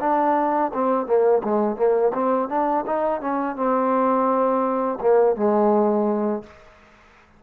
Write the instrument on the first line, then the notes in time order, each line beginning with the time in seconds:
trombone
0.00 D4
0.74 C4
1.06 A#3
1.44 G#3
1.76 A#3
2.14 C4
2.49 D4
2.86 D#4
3.21 C#4
3.56 C4
5.01 A#3
5.36 G#3